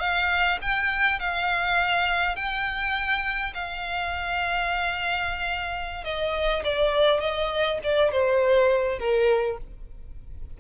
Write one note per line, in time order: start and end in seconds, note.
0.00 0.59 F5
0.62 1.20 G5
1.20 2.36 F5
2.36 3.54 G5
3.54 6.04 F5
6.05 6.63 D#5
6.64 7.20 D5
7.20 7.79 D#5
7.83 8.11 D5
8.11 8.99 C5
8.99 9.58 A#4